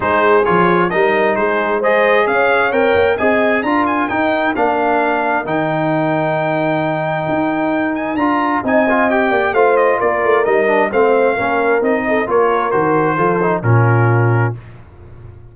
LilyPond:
<<
  \new Staff \with { instrumentName = "trumpet" } { \time 4/4 \tempo 4 = 132 c''4 cis''4 dis''4 c''4 | dis''4 f''4 g''4 gis''4 | ais''8 gis''8 g''4 f''2 | g''1~ |
g''4. gis''8 ais''4 gis''4 | g''4 f''8 dis''8 d''4 dis''4 | f''2 dis''4 cis''4 | c''2 ais'2 | }
  \new Staff \with { instrumentName = "horn" } { \time 4/4 gis'2 ais'4 gis'4 | c''4 cis''2 dis''4 | ais'1~ | ais'1~ |
ais'2. dis''4~ | dis''8 d''8 c''4 ais'2 | c''4 ais'4. a'8 ais'4~ | ais'4 a'4 f'2 | }
  \new Staff \with { instrumentName = "trombone" } { \time 4/4 dis'4 f'4 dis'2 | gis'2 ais'4 gis'4 | f'4 dis'4 d'2 | dis'1~ |
dis'2 f'4 dis'8 f'8 | g'4 f'2 dis'8 d'8 | c'4 cis'4 dis'4 f'4 | fis'4 f'8 dis'8 cis'2 | }
  \new Staff \with { instrumentName = "tuba" } { \time 4/4 gis4 f4 g4 gis4~ | gis4 cis'4 c'8 ais8 c'4 | d'4 dis'4 ais2 | dis1 |
dis'2 d'4 c'4~ | c'8 ais8 a4 ais8 a8 g4 | a4 ais4 c'4 ais4 | dis4 f4 ais,2 | }
>>